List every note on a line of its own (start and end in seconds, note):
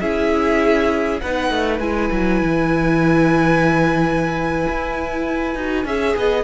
0.00 1.21 C#4
0.00 1.21 E4
0.00 1.21 G#4
0.00 1.20 E5
1.20 1.50 B3
1.20 1.81 D#4
1.20 5.86 B4
1.20 1.79 F#5
1.50 1.79 A3
1.79 2.09 G#3
1.79 5.55 E4
1.79 6.43 G#5
2.12 2.42 F#3
2.42 4.67 E3
4.68 5.55 E4
5.55 5.85 D#4
5.55 5.85 F#4
5.85 6.15 C#4
5.85 6.43 G#4
5.85 6.16 E5
6.16 6.43 B3
6.16 6.43 D#5